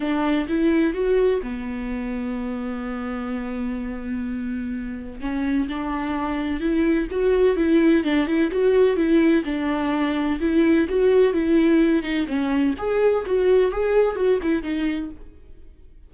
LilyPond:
\new Staff \with { instrumentName = "viola" } { \time 4/4 \tempo 4 = 127 d'4 e'4 fis'4 b4~ | b1~ | b2. cis'4 | d'2 e'4 fis'4 |
e'4 d'8 e'8 fis'4 e'4 | d'2 e'4 fis'4 | e'4. dis'8 cis'4 gis'4 | fis'4 gis'4 fis'8 e'8 dis'4 | }